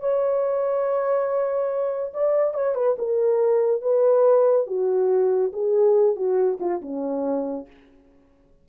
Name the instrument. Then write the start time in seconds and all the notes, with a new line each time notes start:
horn
0.00 C#5
2.14 D5
2.54 C#5
2.75 B4
2.98 A#4
3.82 B4
4.67 F#4
5.53 G#4
6.16 F#4
6.60 F4
6.82 C#4